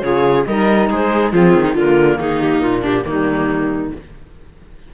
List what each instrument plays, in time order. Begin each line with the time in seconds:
0.00 cello C#3, saxophone F4, viola G#4, clarinet C#5
0.45 cello G3, saxophone D#4, viola A#4, clarinet D#5
0.89 cello G#3, viola G#4, clarinet C5
1.30 cello F3, saxophone C4, viola F4, clarinet G#4
1.54 cello D#3
1.65 viola D#4
1.73 cello D3, saxophone A#3, viola F4, clarinet A#4
2.19 cello D#3, viola D#4, clarinet G#4
2.40 clarinet G4
2.61 cello A#2, clarinet F4
2.82 viola D4, clarinet G4
3.04 cello D#3, saxophone G3, viola A#3, clarinet D#4